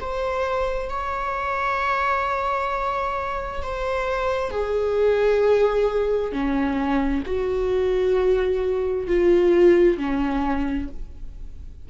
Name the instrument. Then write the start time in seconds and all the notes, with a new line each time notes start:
viola
0.00 C5
0.89 C#5
3.62 C5
4.50 G#4
6.32 C#4
7.26 F#4
9.07 F4
9.98 C#4